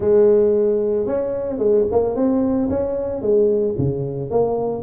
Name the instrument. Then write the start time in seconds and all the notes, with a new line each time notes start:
tuba
0.00 G#3
1.06 C#4
1.58 G#3
1.91 A#3
2.15 C4
2.69 C#4
3.21 G#3
3.78 C#3
4.30 A#3